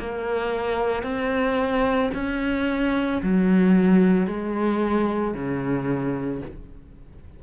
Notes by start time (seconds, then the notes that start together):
0.00 A#3
1.04 C4
2.14 C#4
3.23 F#3
4.28 G#3
5.35 C#3